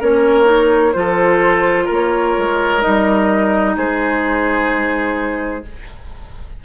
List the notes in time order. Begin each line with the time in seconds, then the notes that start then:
0.00 A#3 C#4 A#4 C#5
0.45 D#4
0.93 F3 F4 C5
0.99 A4
1.85 A#3 A#4
1.93 C#5
2.38 G#3
2.81 G3 D#4 D#5
3.77 G#3 G#4 C5